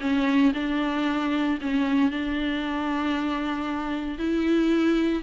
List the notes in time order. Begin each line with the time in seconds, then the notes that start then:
0.00 C#4
0.54 D4
1.61 C#4
2.10 D4
4.18 E4